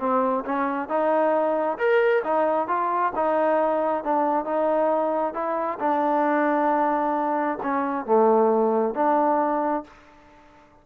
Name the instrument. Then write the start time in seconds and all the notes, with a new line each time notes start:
trombone
0.00 C4
0.45 C#4
0.89 D#4
1.79 A#4
2.24 D#4
2.68 F4
3.16 D#4
4.04 D4
4.46 D#4
5.34 E4
5.80 D4
7.63 C#4
8.06 A3
8.95 D4